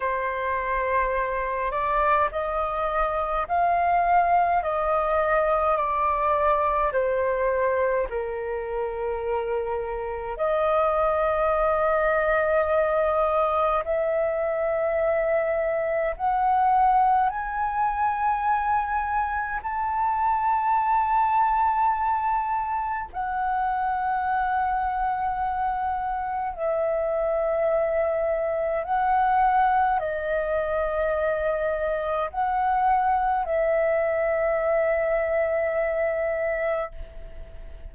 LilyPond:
\new Staff \with { instrumentName = "flute" } { \time 4/4 \tempo 4 = 52 c''4. d''8 dis''4 f''4 | dis''4 d''4 c''4 ais'4~ | ais'4 dis''2. | e''2 fis''4 gis''4~ |
gis''4 a''2. | fis''2. e''4~ | e''4 fis''4 dis''2 | fis''4 e''2. | }